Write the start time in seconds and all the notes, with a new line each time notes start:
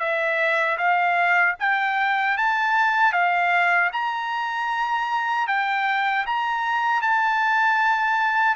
0.00 E5
0.78 F5
1.60 G5
2.38 A5
3.13 F5
3.93 A#5
5.48 G5
6.27 A#5
7.02 A5